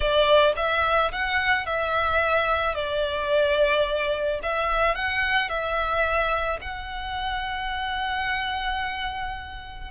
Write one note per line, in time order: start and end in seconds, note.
0.00 0.53 D5
0.56 1.11 E5
1.12 1.65 F#5
1.65 2.74 E5
2.74 4.40 D5
4.42 4.95 E5
4.95 5.49 F#5
5.49 6.59 E5
6.61 9.91 F#5